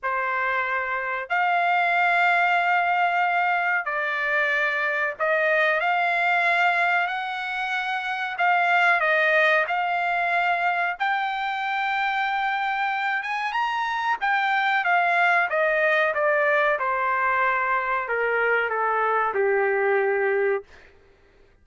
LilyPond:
\new Staff \with { instrumentName = "trumpet" } { \time 4/4 \tempo 4 = 93 c''2 f''2~ | f''2 d''2 | dis''4 f''2 fis''4~ | fis''4 f''4 dis''4 f''4~ |
f''4 g''2.~ | g''8 gis''8 ais''4 g''4 f''4 | dis''4 d''4 c''2 | ais'4 a'4 g'2 | }